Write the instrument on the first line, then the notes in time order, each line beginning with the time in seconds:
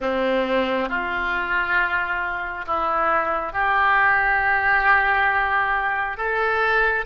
oboe
0.00 C4
0.89 F4
2.66 E4
3.52 G4
6.17 A4